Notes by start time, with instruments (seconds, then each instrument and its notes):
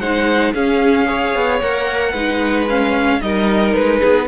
0.00 cello G#3, viola D#4, violin C5 F#5
0.55 cello C#4, viola C#4, violin G#4 F5
1.06 viola G#4, violin C#5
1.35 cello B3
1.61 cello A#3, viola A#4, violin F#5
2.11 cello G#3, viola D#4, violin B4
2.70 viola C#4, violin F5
3.21 cello G3, viola D#4, violin A#4 D#5
3.74 cello G#3, violin B4
4.00 cello B3, violin G#4